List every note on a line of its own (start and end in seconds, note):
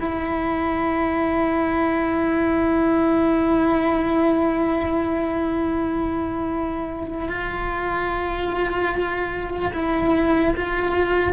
0.00 7.29 E4
7.29 9.72 F4
9.73 10.54 E4
10.56 11.33 F4